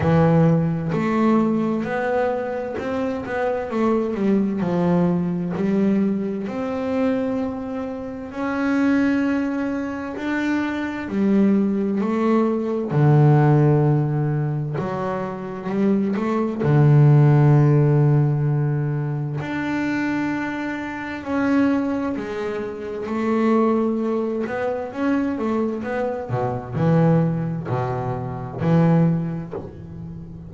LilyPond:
\new Staff \with { instrumentName = "double bass" } { \time 4/4 \tempo 4 = 65 e4 a4 b4 c'8 b8 | a8 g8 f4 g4 c'4~ | c'4 cis'2 d'4 | g4 a4 d2 |
fis4 g8 a8 d2~ | d4 d'2 cis'4 | gis4 a4. b8 cis'8 a8 | b8 b,8 e4 b,4 e4 | }